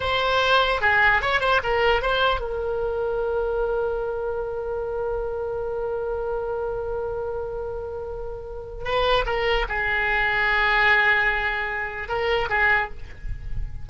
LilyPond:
\new Staff \with { instrumentName = "oboe" } { \time 4/4 \tempo 4 = 149 c''2 gis'4 cis''8 c''8 | ais'4 c''4 ais'2~ | ais'1~ | ais'1~ |
ais'1~ | ais'2 b'4 ais'4 | gis'1~ | gis'2 ais'4 gis'4 | }